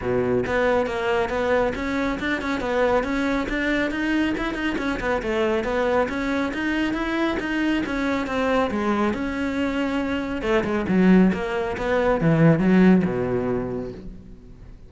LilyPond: \new Staff \with { instrumentName = "cello" } { \time 4/4 \tempo 4 = 138 b,4 b4 ais4 b4 | cis'4 d'8 cis'8 b4 cis'4 | d'4 dis'4 e'8 dis'8 cis'8 b8 | a4 b4 cis'4 dis'4 |
e'4 dis'4 cis'4 c'4 | gis4 cis'2. | a8 gis8 fis4 ais4 b4 | e4 fis4 b,2 | }